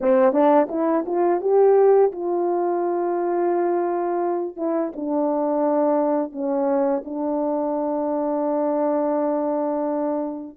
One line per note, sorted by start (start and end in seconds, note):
0.00 0.32 C4
0.32 0.67 D4
0.69 1.04 E4
1.06 1.41 F4
1.41 2.11 G4
2.12 4.56 F4
4.56 4.91 E4
4.96 6.32 D4
6.32 7.02 C#4
7.04 10.57 D4